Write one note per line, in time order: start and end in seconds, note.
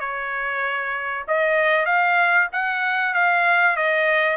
0.00 1.25 C#5
1.28 1.86 D#5
1.86 2.48 F5
2.52 3.14 F#5
3.14 3.77 F5
3.77 4.37 D#5